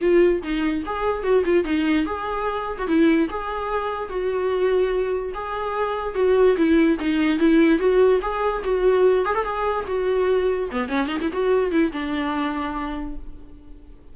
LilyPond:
\new Staff \with { instrumentName = "viola" } { \time 4/4 \tempo 4 = 146 f'4 dis'4 gis'4 fis'8 f'8 | dis'4 gis'4.~ gis'16 fis'16 e'4 | gis'2 fis'2~ | fis'4 gis'2 fis'4 |
e'4 dis'4 e'4 fis'4 | gis'4 fis'4. gis'16 a'16 gis'4 | fis'2 b8 cis'8 dis'16 e'16 fis'8~ | fis'8 e'8 d'2. | }